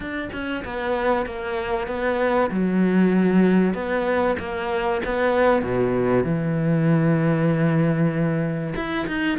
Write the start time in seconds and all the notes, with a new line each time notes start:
0.00 D4
0.32 C#4
0.64 B3
1.26 A#3
1.87 B3
2.50 F#3
3.74 B3
4.38 A#3
5.05 B3
5.62 B2
6.24 E3
8.75 E4
9.07 D#4